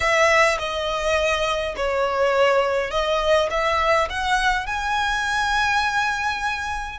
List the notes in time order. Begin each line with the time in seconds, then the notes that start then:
0.00 E5
0.59 D#5
1.76 C#5
2.90 D#5
3.50 E5
4.09 F#5
4.66 G#5